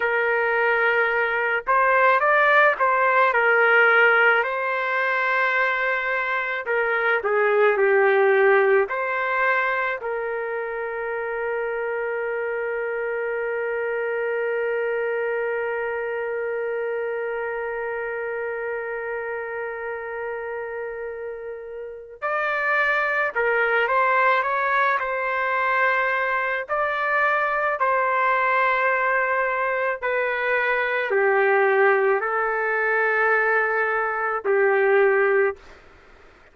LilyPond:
\new Staff \with { instrumentName = "trumpet" } { \time 4/4 \tempo 4 = 54 ais'4. c''8 d''8 c''8 ais'4 | c''2 ais'8 gis'8 g'4 | c''4 ais'2.~ | ais'1~ |
ais'1 | d''4 ais'8 c''8 cis''8 c''4. | d''4 c''2 b'4 | g'4 a'2 g'4 | }